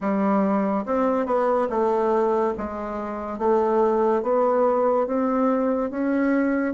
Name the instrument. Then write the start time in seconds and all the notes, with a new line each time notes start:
bassoon
0.00 G3
0.85 C4
1.26 B3
1.69 A3
2.57 G#3
3.38 A3
4.22 B3
5.07 C4
5.90 C#4